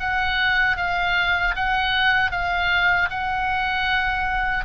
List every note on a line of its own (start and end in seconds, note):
0.00 0.77 F#5
0.77 1.55 F5
1.56 2.32 F#5
2.32 3.10 F5
3.10 4.65 F#5